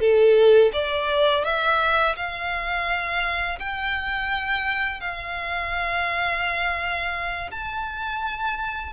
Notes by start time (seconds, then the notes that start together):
0.00 A4
0.73 D5
1.44 E5
2.16 F5
3.59 G5
5.00 F5
7.51 A5